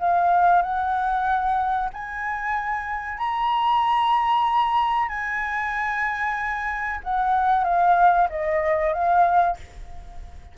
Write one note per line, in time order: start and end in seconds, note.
0.00 0.62 F5
0.62 1.90 F#5
1.94 3.19 G#5
3.19 5.09 A#5
5.09 7.01 G#5
7.04 7.65 F#5
7.65 8.28 F5
8.30 8.94 D#5
8.94 9.57 F5